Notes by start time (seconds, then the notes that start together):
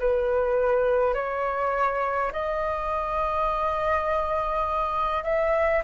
0.00 B4
1.14 C#5
2.33 D#5
5.24 E5